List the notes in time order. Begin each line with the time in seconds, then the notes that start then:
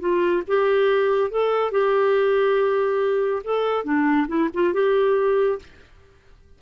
0.00 F4
0.48 G4
1.31 A4
1.71 G4
3.44 A4
3.85 D4
4.28 E4
4.54 F4
4.73 G4